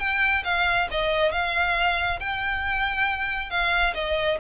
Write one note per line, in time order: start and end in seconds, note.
0.00 0.44 G5
0.45 0.89 F5
0.91 1.32 D#5
1.32 2.20 F5
2.20 3.51 G5
3.51 3.94 F5
3.95 4.38 D#5